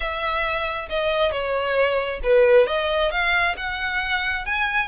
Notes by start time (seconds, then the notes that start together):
0.00 E5
0.89 D#5
1.31 C#5
2.23 B4
2.66 D#5
3.11 F5
3.56 F#5
4.45 G#5